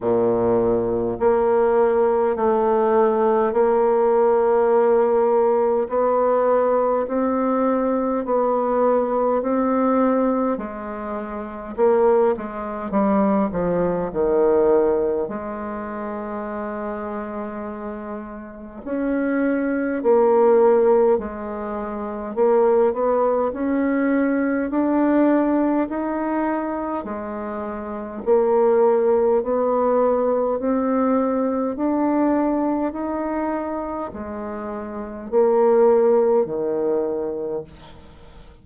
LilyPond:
\new Staff \with { instrumentName = "bassoon" } { \time 4/4 \tempo 4 = 51 ais,4 ais4 a4 ais4~ | ais4 b4 c'4 b4 | c'4 gis4 ais8 gis8 g8 f8 | dis4 gis2. |
cis'4 ais4 gis4 ais8 b8 | cis'4 d'4 dis'4 gis4 | ais4 b4 c'4 d'4 | dis'4 gis4 ais4 dis4 | }